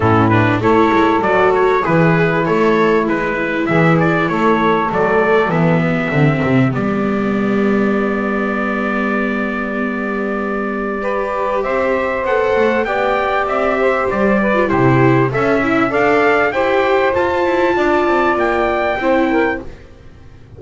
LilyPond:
<<
  \new Staff \with { instrumentName = "trumpet" } { \time 4/4 \tempo 4 = 98 a'8 b'8 cis''4 d''8 cis''8 b'4 | cis''4 b'4 e''8 d''8 cis''4 | d''4 e''2 d''4~ | d''1~ |
d''2. e''4 | fis''4 g''4 e''4 d''4 | c''4 e''4 f''4 g''4 | a''2 g''2 | }
  \new Staff \with { instrumentName = "saxophone" } { \time 4/4 e'4 a'2 e'4~ | e'2 gis'4 a'4~ | a'4. g'2~ g'8~ | g'1~ |
g'2 b'4 c''4~ | c''4 d''4. c''4 b'8 | g'4 e''4 d''4 c''4~ | c''4 d''2 c''8 ais'8 | }
  \new Staff \with { instrumentName = "viola" } { \time 4/4 cis'8 d'8 e'4 fis'4 gis'4 | a'4 e'2. | a4 b4 c'4 b4~ | b1~ |
b2 g'2 | a'4 g'2~ g'8. f'16 | e'4 a'8 e'8 a'4 g'4 | f'2. e'4 | }
  \new Staff \with { instrumentName = "double bass" } { \time 4/4 a,4 a8 gis8 fis4 e4 | a4 gis4 e4 a4 | fis4 e4 d8 c8 g4~ | g1~ |
g2. c'4 | b8 a8 b4 c'4 g4 | c4 cis'4 d'4 e'4 | f'8 e'8 d'8 c'8 ais4 c'4 | }
>>